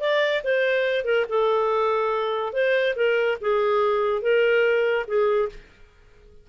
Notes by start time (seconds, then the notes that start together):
0.00 D5
0.44 C5
1.04 A#4
1.29 A4
2.53 C5
2.95 A#4
3.40 G#4
4.21 A#4
5.07 G#4